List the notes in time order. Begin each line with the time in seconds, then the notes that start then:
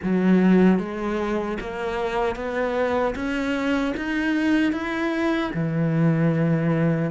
0.02 F#3
0.79 G#3
1.60 A#3
2.35 B3
3.15 C#4
3.97 D#4
4.72 E4
5.54 E3